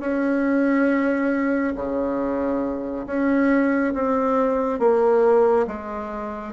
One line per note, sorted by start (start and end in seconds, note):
0.00 1.74 C#4
1.76 3.06 C#3
3.07 3.94 C#4
3.94 4.79 C4
4.79 5.66 A#3
5.68 6.53 G#3